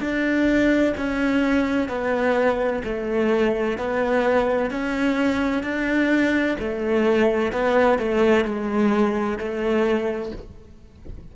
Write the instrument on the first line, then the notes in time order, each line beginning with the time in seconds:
cello
0.00 D4
0.96 C#4
1.88 B3
2.84 A3
3.78 B3
4.70 C#4
5.62 D4
6.59 A3
7.52 B3
7.98 A3
8.44 G#3
9.37 A3